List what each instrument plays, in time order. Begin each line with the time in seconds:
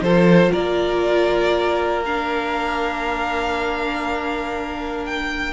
0.00 cello F3, viola F4, violin A4 C5
0.51 cello A#3, violin A#4 D5
2.05 viola D4, violin F5
5.05 violin G5